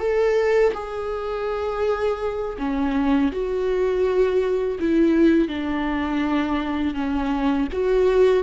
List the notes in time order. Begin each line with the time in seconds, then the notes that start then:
0.00 A4
0.74 G#4
2.59 C#4
3.32 F#4
4.80 E4
5.48 D4
6.94 C#4
7.73 F#4